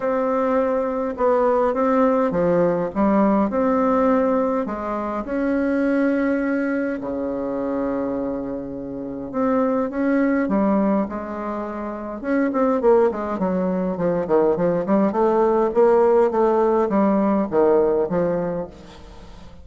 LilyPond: \new Staff \with { instrumentName = "bassoon" } { \time 4/4 \tempo 4 = 103 c'2 b4 c'4 | f4 g4 c'2 | gis4 cis'2. | cis1 |
c'4 cis'4 g4 gis4~ | gis4 cis'8 c'8 ais8 gis8 fis4 | f8 dis8 f8 g8 a4 ais4 | a4 g4 dis4 f4 | }